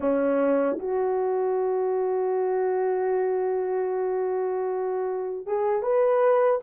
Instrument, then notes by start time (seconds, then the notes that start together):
horn
0.00 C#4
0.79 F#4
5.46 G#4
5.82 B4